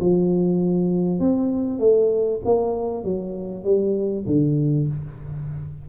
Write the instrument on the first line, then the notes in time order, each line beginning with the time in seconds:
tuba
0.00 F3
1.19 C4
1.79 A3
2.45 A#3
3.04 F#3
3.64 G3
4.26 D3